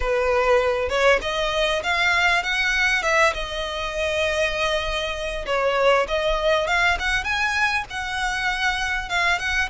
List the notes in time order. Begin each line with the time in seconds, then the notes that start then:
0.00 B4
0.89 C#5
1.21 D#5
1.83 F5
2.43 F#5
3.02 E5
3.33 D#5
5.46 C#5
6.08 D#5
6.67 F5
6.99 F#5
7.23 G#5
7.90 F#5
9.09 F5
9.38 F#5